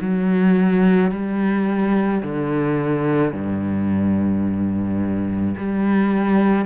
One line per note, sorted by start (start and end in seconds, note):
0.00 1.11 F#3
1.11 2.22 G3
2.22 3.32 D3
3.32 5.55 G2
5.57 6.65 G3